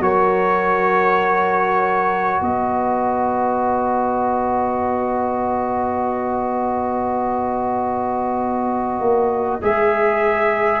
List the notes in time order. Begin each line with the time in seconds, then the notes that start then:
0.00 F#3 F#4 A#4 C#5
2.41 B3 B4 D#5
8.99 A#3
9.61 G#3 G#4 E5